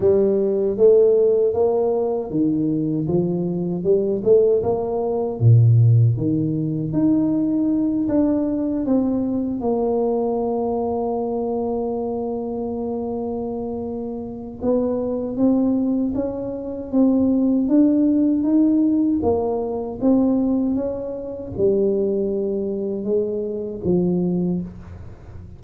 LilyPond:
\new Staff \with { instrumentName = "tuba" } { \time 4/4 \tempo 4 = 78 g4 a4 ais4 dis4 | f4 g8 a8 ais4 ais,4 | dis4 dis'4. d'4 c'8~ | c'8 ais2.~ ais8~ |
ais2. b4 | c'4 cis'4 c'4 d'4 | dis'4 ais4 c'4 cis'4 | g2 gis4 f4 | }